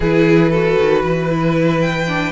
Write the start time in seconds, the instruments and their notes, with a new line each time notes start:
0.00 cello E3, viola E4, violin G#4 B4
0.50 viola F#4, violin A4
0.79 cello D#3
1.03 cello E3, violin B4
1.29 viola E4
1.80 violin G5
2.07 viola D4